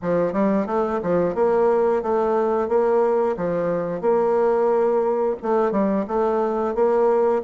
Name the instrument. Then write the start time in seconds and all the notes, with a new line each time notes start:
bassoon
0.02 F3
0.32 G3
0.66 A3
1.02 F3
1.35 A#3
2.02 A3
2.68 A#3
3.36 F3
4.01 A#3
5.42 A3
5.71 G3
6.07 A3
6.74 A#3